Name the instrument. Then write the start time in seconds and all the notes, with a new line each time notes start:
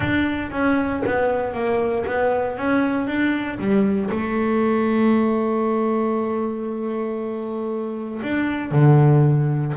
double bass
0.00 D4
0.51 C#4
1.05 B3
1.54 A#3
2.06 B3
2.57 C#4
3.07 D4
3.59 G3
4.10 A3
8.22 D4
8.71 D3